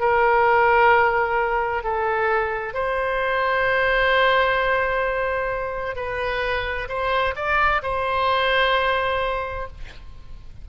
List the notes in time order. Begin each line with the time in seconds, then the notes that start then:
0.00 A#4
1.83 A4
2.74 C5
5.95 B4
6.89 C5
7.36 D5
7.83 C5